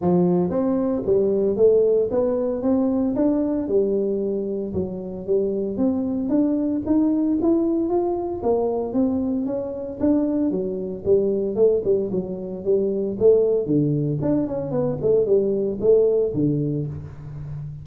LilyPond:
\new Staff \with { instrumentName = "tuba" } { \time 4/4 \tempo 4 = 114 f4 c'4 g4 a4 | b4 c'4 d'4 g4~ | g4 fis4 g4 c'4 | d'4 dis'4 e'4 f'4 |
ais4 c'4 cis'4 d'4 | fis4 g4 a8 g8 fis4 | g4 a4 d4 d'8 cis'8 | b8 a8 g4 a4 d4 | }